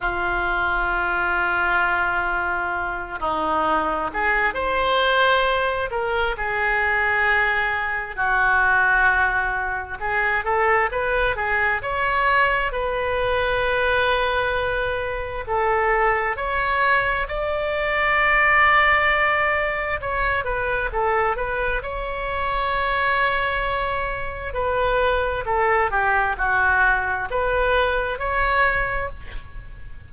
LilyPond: \new Staff \with { instrumentName = "oboe" } { \time 4/4 \tempo 4 = 66 f'2.~ f'8 dis'8~ | dis'8 gis'8 c''4. ais'8 gis'4~ | gis'4 fis'2 gis'8 a'8 | b'8 gis'8 cis''4 b'2~ |
b'4 a'4 cis''4 d''4~ | d''2 cis''8 b'8 a'8 b'8 | cis''2. b'4 | a'8 g'8 fis'4 b'4 cis''4 | }